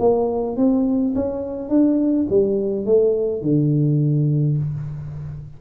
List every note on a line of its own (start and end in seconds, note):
0.00 0.57 A#3
0.57 1.15 C4
1.15 1.70 C#4
1.70 2.27 D4
2.30 2.86 G3
2.86 3.42 A3
3.42 4.58 D3